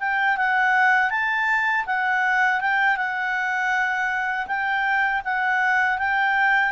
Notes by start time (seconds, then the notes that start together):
0.00 G5
0.37 F#5
1.10 A5
1.86 F#5
2.60 G5
2.97 F#5
4.47 G5
5.25 F#5
5.98 G5